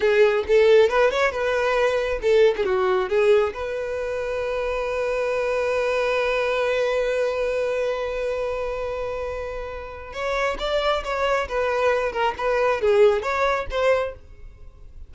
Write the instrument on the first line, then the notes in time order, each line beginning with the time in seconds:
violin
0.00 G#4
0.47 A4
0.89 B4
1.10 C#5
1.31 B4
2.21 A4
2.56 G#4
2.65 F#4
3.09 G#4
3.53 B4
10.13 C#5
10.59 D5
11.04 C#5
11.48 B4
12.12 A#4
12.37 B4
12.81 G#4
13.22 C#5
13.70 C5